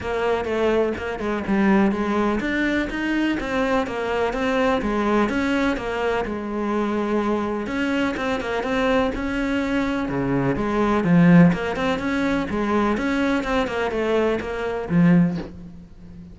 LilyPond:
\new Staff \with { instrumentName = "cello" } { \time 4/4 \tempo 4 = 125 ais4 a4 ais8 gis8 g4 | gis4 d'4 dis'4 c'4 | ais4 c'4 gis4 cis'4 | ais4 gis2. |
cis'4 c'8 ais8 c'4 cis'4~ | cis'4 cis4 gis4 f4 | ais8 c'8 cis'4 gis4 cis'4 | c'8 ais8 a4 ais4 f4 | }